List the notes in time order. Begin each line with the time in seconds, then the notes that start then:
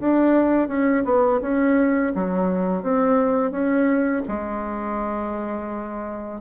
0.00 D4
0.68 C#4
1.05 B3
1.41 C#4
2.15 F#3
2.82 C4
3.51 C#4
4.28 G#3